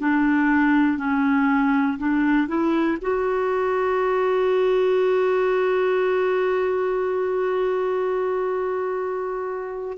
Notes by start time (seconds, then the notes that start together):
0.00 D4
0.98 C#4
1.98 D4
2.47 E4
3.01 F#4